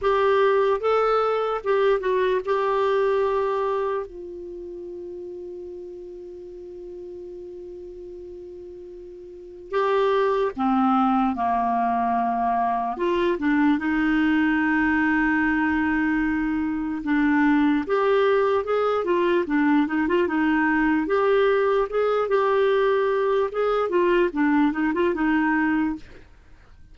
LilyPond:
\new Staff \with { instrumentName = "clarinet" } { \time 4/4 \tempo 4 = 74 g'4 a'4 g'8 fis'8 g'4~ | g'4 f'2.~ | f'1 | g'4 c'4 ais2 |
f'8 d'8 dis'2.~ | dis'4 d'4 g'4 gis'8 f'8 | d'8 dis'16 f'16 dis'4 g'4 gis'8 g'8~ | g'4 gis'8 f'8 d'8 dis'16 f'16 dis'4 | }